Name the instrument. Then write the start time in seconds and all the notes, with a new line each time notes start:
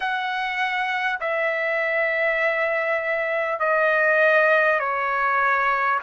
trumpet
0.00 F#5
1.20 E5
3.59 D#5
4.79 C#5